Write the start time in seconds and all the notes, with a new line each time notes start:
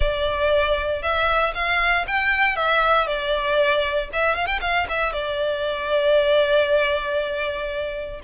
0.00 D5
1.02 E5
1.54 F5
2.07 G5
2.56 E5
3.06 D5
4.12 E5
4.34 F5
4.46 G5
4.61 F5
4.88 E5
5.13 D5